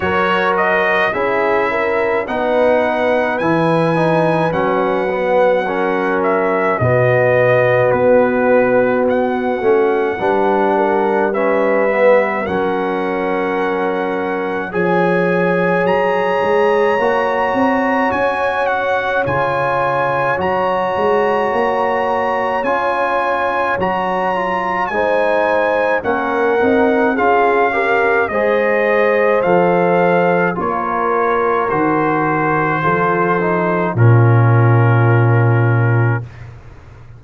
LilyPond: <<
  \new Staff \with { instrumentName = "trumpet" } { \time 4/4 \tempo 4 = 53 cis''8 dis''8 e''4 fis''4 gis''4 | fis''4. e''8 dis''4 b'4 | fis''2 e''4 fis''4~ | fis''4 gis''4 ais''2 |
gis''8 fis''8 gis''4 ais''2 | gis''4 ais''4 gis''4 fis''4 | f''4 dis''4 f''4 cis''4 | c''2 ais'2 | }
  \new Staff \with { instrumentName = "horn" } { \time 4/4 ais'4 gis'8 ais'8 b'2~ | b'4 ais'4 fis'2~ | fis'4 b'8 ais'8 b'4 ais'4~ | ais'4 cis''2.~ |
cis''1~ | cis''2 c''4 ais'4 | gis'8 ais'8 c''2 ais'4~ | ais'4 a'4 f'2 | }
  \new Staff \with { instrumentName = "trombone" } { \time 4/4 fis'4 e'4 dis'4 e'8 dis'8 | cis'8 b8 cis'4 b2~ | b8 cis'8 d'4 cis'8 b8 cis'4~ | cis'4 gis'2 fis'4~ |
fis'4 f'4 fis'2 | f'4 fis'8 f'8 dis'4 cis'8 dis'8 | f'8 g'8 gis'4 a'4 f'4 | fis'4 f'8 dis'8 cis'2 | }
  \new Staff \with { instrumentName = "tuba" } { \time 4/4 fis4 cis'4 b4 e4 | fis2 b,4 b4~ | b8 a8 g2 fis4~ | fis4 f4 fis8 gis8 ais8 c'8 |
cis'4 cis4 fis8 gis8 ais4 | cis'4 fis4 gis4 ais8 c'8 | cis'4 gis4 f4 ais4 | dis4 f4 ais,2 | }
>>